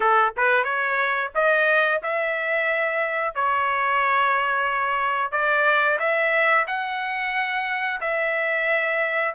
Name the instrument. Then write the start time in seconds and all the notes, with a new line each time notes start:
trumpet
0.00 A4
0.37 B4
0.64 C#5
1.34 D#5
2.02 E5
3.34 C#5
5.31 D5
5.98 E5
6.67 F#5
8.01 E5